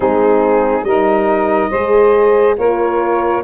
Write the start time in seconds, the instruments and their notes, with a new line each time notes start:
0.00 tuba G#3, horn C4, saxophone D#4, flute G#4
0.83 tuba G3, horn D#4, saxophone A#4, flute D#5
1.69 tuba G#3, horn G#4, saxophone C5
2.57 tuba A#3, horn F4, saxophone A#4, flute C#5